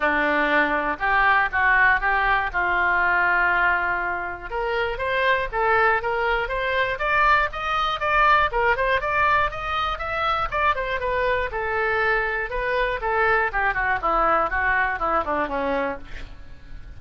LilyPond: \new Staff \with { instrumentName = "oboe" } { \time 4/4 \tempo 4 = 120 d'2 g'4 fis'4 | g'4 f'2.~ | f'4 ais'4 c''4 a'4 | ais'4 c''4 d''4 dis''4 |
d''4 ais'8 c''8 d''4 dis''4 | e''4 d''8 c''8 b'4 a'4~ | a'4 b'4 a'4 g'8 fis'8 | e'4 fis'4 e'8 d'8 cis'4 | }